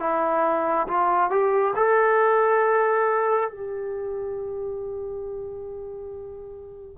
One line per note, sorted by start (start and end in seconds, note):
0.00 0.87 E4
0.87 1.30 F4
1.30 1.74 G4
1.76 3.50 A4
3.50 6.98 G4